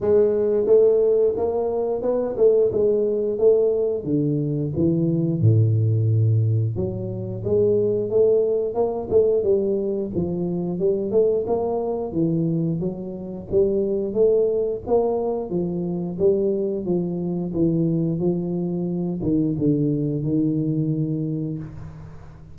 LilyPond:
\new Staff \with { instrumentName = "tuba" } { \time 4/4 \tempo 4 = 89 gis4 a4 ais4 b8 a8 | gis4 a4 d4 e4 | a,2 fis4 gis4 | a4 ais8 a8 g4 f4 |
g8 a8 ais4 e4 fis4 | g4 a4 ais4 f4 | g4 f4 e4 f4~ | f8 dis8 d4 dis2 | }